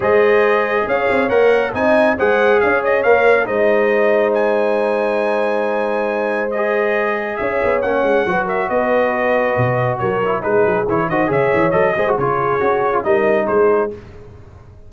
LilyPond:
<<
  \new Staff \with { instrumentName = "trumpet" } { \time 4/4 \tempo 4 = 138 dis''2 f''4 fis''4 | gis''4 fis''4 f''8 dis''8 f''4 | dis''2 gis''2~ | gis''2. dis''4~ |
dis''4 e''4 fis''4. e''8 | dis''2. cis''4 | b'4 cis''8 dis''8 e''4 dis''4 | cis''2 dis''4 c''4 | }
  \new Staff \with { instrumentName = "horn" } { \time 4/4 c''2 cis''2 | dis''4 c''4 cis''2 | c''1~ | c''1~ |
c''4 cis''2 b'8 ais'8 | b'2. ais'4 | gis'4. c''8 cis''4. c''8 | gis'2 ais'4 gis'4 | }
  \new Staff \with { instrumentName = "trombone" } { \time 4/4 gis'2. ais'4 | dis'4 gis'2 ais'4 | dis'1~ | dis'2. gis'4~ |
gis'2 cis'4 fis'4~ | fis'2.~ fis'8 e'8 | dis'4 e'8 fis'8 gis'4 a'8 gis'16 fis'16 | f'4 fis'8. f'16 dis'2 | }
  \new Staff \with { instrumentName = "tuba" } { \time 4/4 gis2 cis'8 c'8 ais4 | c'4 gis4 cis'4 ais4 | gis1~ | gis1~ |
gis4 cis'8 b8 ais8 gis8 fis4 | b2 b,4 fis4 | gis8 fis8 e8 dis8 cis8 e8 fis8 gis8 | cis4 cis'4 g4 gis4 | }
>>